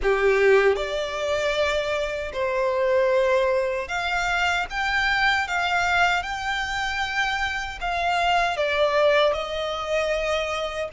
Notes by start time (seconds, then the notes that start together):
0.02 G4
0.76 D5
2.32 C5
3.87 F5
4.70 G5
5.47 F5
6.23 G5
7.81 F5
8.56 D5
9.33 D#5